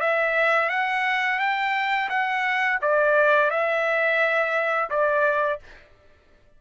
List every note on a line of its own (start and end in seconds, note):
0.00 0.69 E5
0.69 1.39 F#5
1.39 2.09 G5
2.09 2.79 F#5
2.82 3.50 D5
3.50 4.90 E5
4.90 5.59 D5